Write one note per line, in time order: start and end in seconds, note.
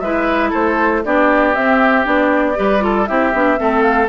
0.00 0.52 G#3
0.00 1.05 E4
0.00 0.50 B4
0.00 0.51 E5
0.50 1.05 A3
0.50 1.01 A4
0.50 1.05 C5
1.05 1.56 B3
1.05 1.55 D4
1.05 2.59 G4
1.05 1.56 D5
1.55 2.05 C4
1.55 2.06 C4
1.55 2.06 E5
2.05 2.57 B3
2.05 2.55 D4
2.05 3.06 D5
2.56 3.10 G3
2.56 2.80 G4
2.56 2.84 B4
2.80 3.06 F4
2.80 3.09 A4
3.06 3.34 C4
3.06 3.34 E4
3.06 3.60 G4
3.06 3.82 E5
3.34 3.59 B3
3.34 3.58 D4
3.58 4.09 A3
3.58 4.08 C4
3.58 4.09 A4
3.82 4.08 F5